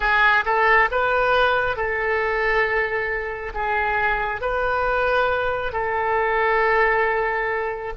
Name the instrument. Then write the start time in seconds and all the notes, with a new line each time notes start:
oboe
0.00 G#4
0.45 A4
0.91 B4
1.76 A4
3.53 G#4
4.41 B4
5.72 A4